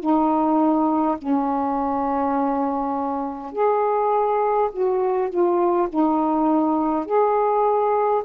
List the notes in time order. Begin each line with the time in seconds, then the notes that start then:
0.00 D#4
1.18 C#4
3.52 G#4
4.72 F#4
5.29 F4
5.89 D#4
7.05 G#4